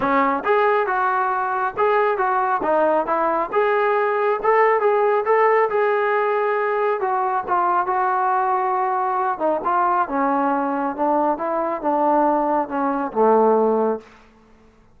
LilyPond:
\new Staff \with { instrumentName = "trombone" } { \time 4/4 \tempo 4 = 137 cis'4 gis'4 fis'2 | gis'4 fis'4 dis'4 e'4 | gis'2 a'4 gis'4 | a'4 gis'2. |
fis'4 f'4 fis'2~ | fis'4. dis'8 f'4 cis'4~ | cis'4 d'4 e'4 d'4~ | d'4 cis'4 a2 | }